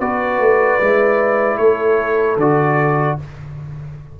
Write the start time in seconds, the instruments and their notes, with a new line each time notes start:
0.00 tuba B3, trombone F#4, horn B4, trumpet D5
0.39 tuba A3
0.80 tuba G#3, trombone E4
1.58 tuba A3, horn A4, trumpet C#5
2.37 tuba D3, trombone F#4, trumpet D5